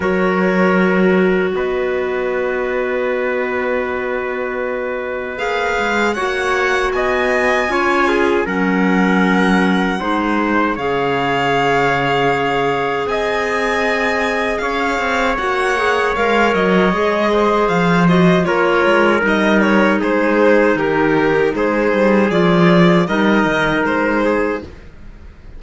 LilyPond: <<
  \new Staff \with { instrumentName = "violin" } { \time 4/4 \tempo 4 = 78 cis''2 dis''2~ | dis''2. f''4 | fis''4 gis''2 fis''4~ | fis''2 f''2~ |
f''4 gis''2 f''4 | fis''4 f''8 dis''4. f''8 dis''8 | cis''4 dis''8 cis''8 c''4 ais'4 | c''4 d''4 dis''4 c''4 | }
  \new Staff \with { instrumentName = "trumpet" } { \time 4/4 ais'2 b'2~ | b'1 | cis''4 dis''4 cis''8 gis'8 ais'4~ | ais'4 c''4 cis''2~ |
cis''4 dis''2 cis''4~ | cis''2~ cis''8 c''4. | ais'2 gis'4 g'4 | gis'2 ais'4. gis'8 | }
  \new Staff \with { instrumentName = "clarinet" } { \time 4/4 fis'1~ | fis'2. gis'4 | fis'2 f'4 cis'4~ | cis'4 dis'4 gis'2~ |
gis'1 | fis'8 gis'8 ais'4 gis'4. fis'8 | f'4 dis'2.~ | dis'4 f'4 dis'2 | }
  \new Staff \with { instrumentName = "cello" } { \time 4/4 fis2 b2~ | b2. ais8 gis8 | ais4 b4 cis'4 fis4~ | fis4 gis4 cis2~ |
cis4 c'2 cis'8 c'8 | ais4 gis8 fis8 gis4 f4 | ais8 gis8 g4 gis4 dis4 | gis8 g8 f4 g8 dis8 gis4 | }
>>